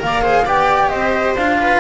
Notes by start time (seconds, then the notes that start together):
0.00 A#3 A#4 D5 F5
0.22 G#4 C5
0.45 B3 G4 D5 G5
0.89 C4 C5 D#5
1.36 D4 F4 F5
1.61 B4